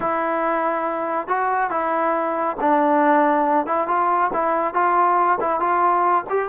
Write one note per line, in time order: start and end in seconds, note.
0.00 1.27 E4
1.27 1.70 F#4
1.70 2.56 E4
2.60 3.66 D4
3.66 3.87 E4
3.87 4.30 F4
4.33 4.74 E4
4.74 5.38 F4
5.40 5.59 E4
5.59 6.24 F4
6.29 6.48 G4